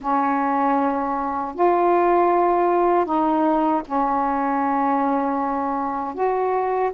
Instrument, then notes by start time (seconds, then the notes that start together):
saxophone
0.00 C#4
1.55 F4
3.05 D#4
3.85 C#4
6.14 F#4